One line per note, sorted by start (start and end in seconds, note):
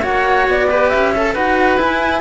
0.00 0.48 A#3
0.00 0.68 F#4
0.00 0.66 C#5
0.00 0.47 F#5
0.48 0.92 B3
0.48 0.89 D5
0.69 1.14 G4
0.69 1.13 B4
0.89 1.35 C#4
0.89 1.33 E5
1.15 1.35 A4
1.15 1.34 A4
1.34 1.79 D#4
1.34 1.77 F#4
1.34 2.20 B4
1.34 1.79 F#5
1.77 2.20 E4
1.77 2.20 G#5